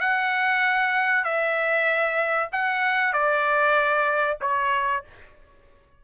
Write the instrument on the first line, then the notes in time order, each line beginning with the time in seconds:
trumpet
0.00 F#5
1.24 E5
2.52 F#5
3.12 D5
4.41 C#5